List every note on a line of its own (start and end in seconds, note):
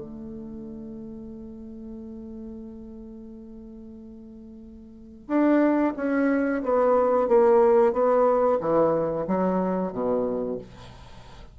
0.00 5.27 A3
5.27 5.93 D4
5.96 6.62 C#4
6.63 7.28 B3
7.28 7.92 A#3
7.92 8.58 B3
8.60 9.26 E3
9.27 9.92 F#3
9.92 10.58 B2